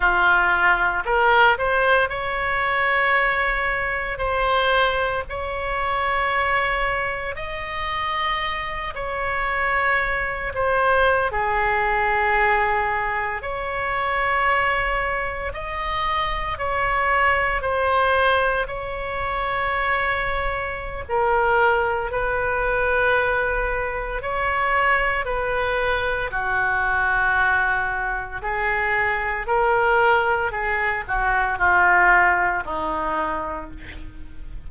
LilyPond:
\new Staff \with { instrumentName = "oboe" } { \time 4/4 \tempo 4 = 57 f'4 ais'8 c''8 cis''2 | c''4 cis''2 dis''4~ | dis''8 cis''4. c''8. gis'4~ gis'16~ | gis'8. cis''2 dis''4 cis''16~ |
cis''8. c''4 cis''2~ cis''16 | ais'4 b'2 cis''4 | b'4 fis'2 gis'4 | ais'4 gis'8 fis'8 f'4 dis'4 | }